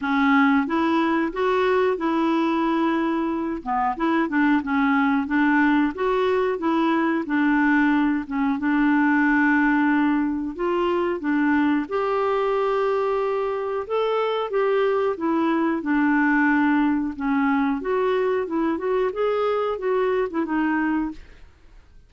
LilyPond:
\new Staff \with { instrumentName = "clarinet" } { \time 4/4 \tempo 4 = 91 cis'4 e'4 fis'4 e'4~ | e'4. b8 e'8 d'8 cis'4 | d'4 fis'4 e'4 d'4~ | d'8 cis'8 d'2. |
f'4 d'4 g'2~ | g'4 a'4 g'4 e'4 | d'2 cis'4 fis'4 | e'8 fis'8 gis'4 fis'8. e'16 dis'4 | }